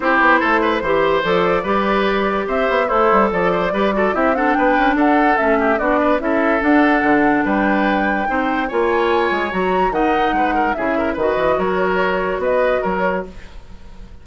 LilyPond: <<
  \new Staff \with { instrumentName = "flute" } { \time 4/4 \tempo 4 = 145 c''2. d''4~ | d''2 e''4 c''4 | d''2 e''8 fis''8 g''4 | fis''4 e''4 d''4 e''4 |
fis''2 g''2~ | g''4 gis''2 ais''4 | fis''2 e''4 dis''4 | cis''2 dis''4 cis''4 | }
  \new Staff \with { instrumentName = "oboe" } { \time 4/4 g'4 a'8 b'8 c''2 | b'2 c''4 e'4 | a'8 c''8 b'8 a'8 g'8 a'8 b'4 | a'4. g'8 fis'8 b'8 a'4~ |
a'2 b'2 | c''4 cis''2. | dis''4 b'8 ais'8 gis'8 ais'8 b'4 | ais'2 b'4 ais'4 | }
  \new Staff \with { instrumentName = "clarinet" } { \time 4/4 e'2 g'4 a'4 | g'2. a'4~ | a'4 g'8 fis'8 e'8 d'4.~ | d'4 cis'4 d'4 e'4 |
d'1 | dis'4 f'2 fis'4 | dis'2 e'4 fis'4~ | fis'1 | }
  \new Staff \with { instrumentName = "bassoon" } { \time 4/4 c'8 b8 a4 e4 f4 | g2 c'8 b8 a8 g8 | f4 g4 c'4 b8 cis'8 | d'4 a4 b4 cis'4 |
d'4 d4 g2 | c'4 ais4. gis8 fis4 | dis4 gis4 cis4 dis8 e8 | fis2 b4 fis4 | }
>>